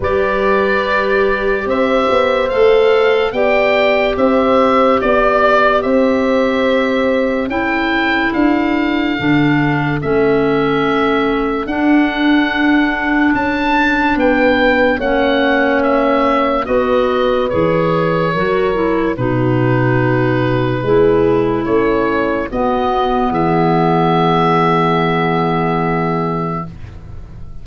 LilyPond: <<
  \new Staff \with { instrumentName = "oboe" } { \time 4/4 \tempo 4 = 72 d''2 e''4 f''4 | g''4 e''4 d''4 e''4~ | e''4 g''4 f''2 | e''2 fis''2 |
a''4 g''4 fis''4 e''4 | dis''4 cis''2 b'4~ | b'2 cis''4 dis''4 | e''1 | }
  \new Staff \with { instrumentName = "horn" } { \time 4/4 b'2 c''2 | d''4 c''4 d''4 c''4~ | c''4 a'2.~ | a'1~ |
a'4 b'4 cis''2 | b'2 ais'4 fis'4~ | fis'4 gis'4 cis'4 fis'4 | gis'1 | }
  \new Staff \with { instrumentName = "clarinet" } { \time 4/4 g'2. a'4 | g'1~ | g'4 e'2 d'4 | cis'2 d'2~ |
d'2 cis'2 | fis'4 gis'4 fis'8 e'8 dis'4~ | dis'4 e'2 b4~ | b1 | }
  \new Staff \with { instrumentName = "tuba" } { \time 4/4 g2 c'8 b8 a4 | b4 c'4 b4 c'4~ | c'4 cis'4 d'4 d4 | a2 d'2 |
cis'4 b4 ais2 | b4 e4 fis4 b,4~ | b,4 gis4 a4 b4 | e1 | }
>>